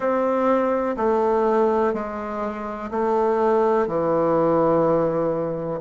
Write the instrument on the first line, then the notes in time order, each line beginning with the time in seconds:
bassoon
0.00 C4
0.97 A3
1.93 G#3
2.90 A3
3.87 E3